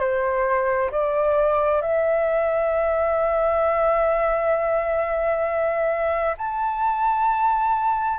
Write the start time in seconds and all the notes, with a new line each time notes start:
0.00 C5
0.92 D5
1.82 E5
6.38 A5